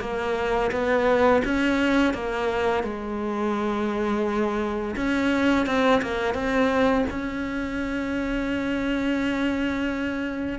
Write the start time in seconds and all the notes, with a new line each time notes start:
0.00 A#3
0.71 B3
1.44 C#4
2.13 A#3
2.83 G#3
4.96 C#4
5.66 C4
6.02 A#3
6.34 C4
7.10 C#4